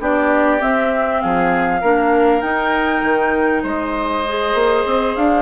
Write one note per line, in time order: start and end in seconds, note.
0.00 0.61 B3
0.00 0.60 D4
0.00 1.22 G4
0.00 0.62 D5
0.60 1.81 C4
0.60 1.23 C4
0.60 1.22 E5
1.22 1.83 F3
1.22 1.81 G#4
1.22 2.42 F5
1.81 2.42 A#3
1.81 2.43 D4
1.81 3.63 A#4
2.42 3.02 D#4
2.42 4.25 D#4
2.42 3.63 G5
3.03 3.64 D#3
3.63 4.54 G#3
3.63 5.43 C5
3.63 5.17 D#5
4.28 5.43 G#4
4.54 4.85 A#3
4.86 5.16 C4
5.16 5.43 D4
5.16 5.43 F5